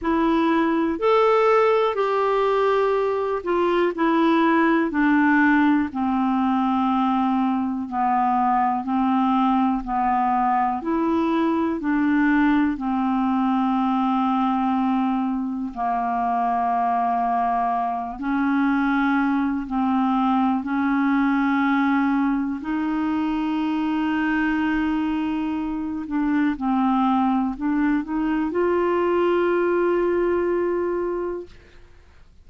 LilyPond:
\new Staff \with { instrumentName = "clarinet" } { \time 4/4 \tempo 4 = 61 e'4 a'4 g'4. f'8 | e'4 d'4 c'2 | b4 c'4 b4 e'4 | d'4 c'2. |
ais2~ ais8 cis'4. | c'4 cis'2 dis'4~ | dis'2~ dis'8 d'8 c'4 | d'8 dis'8 f'2. | }